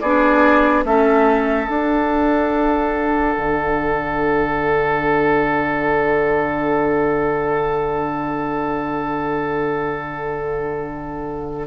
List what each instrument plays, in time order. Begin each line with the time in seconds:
0.00 bassoon B3, clarinet D4, oboe G#4, flute D5
0.84 bassoon A3, clarinet C#4, oboe A4, flute E5
1.68 clarinet D4, bassoon D4, flute F#5
3.37 bassoon D3